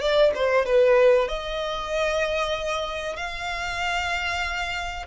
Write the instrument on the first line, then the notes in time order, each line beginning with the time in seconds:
violin
0.00 D5
0.34 C5
0.65 B4
1.28 D#5
3.16 F5